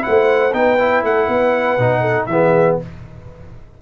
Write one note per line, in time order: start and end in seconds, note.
0.00 0.50 E4
0.00 0.55 C5
0.00 0.53 F#5
0.07 0.53 A3
0.53 1.03 B3
0.53 0.78 D#4
0.53 1.05 B4
0.53 1.03 G5
0.79 1.79 E4
1.03 1.28 A3
1.03 1.27 A4
1.03 2.26 F#5
1.27 1.78 B3
1.27 2.01 B4
1.78 2.27 B2
1.78 2.29 D#4
2.01 2.26 A4
2.26 2.77 E3
2.26 2.81 B3
2.26 2.81 G#4
2.26 2.76 E5